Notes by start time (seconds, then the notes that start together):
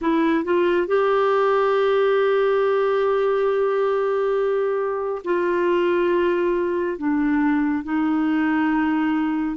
0.01 E4
0.44 F4
0.87 G4
5.24 F4
6.98 D4
7.84 D#4